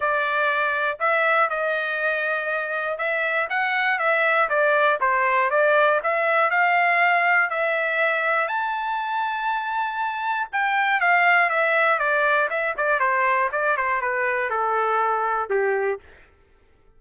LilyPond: \new Staff \with { instrumentName = "trumpet" } { \time 4/4 \tempo 4 = 120 d''2 e''4 dis''4~ | dis''2 e''4 fis''4 | e''4 d''4 c''4 d''4 | e''4 f''2 e''4~ |
e''4 a''2.~ | a''4 g''4 f''4 e''4 | d''4 e''8 d''8 c''4 d''8 c''8 | b'4 a'2 g'4 | }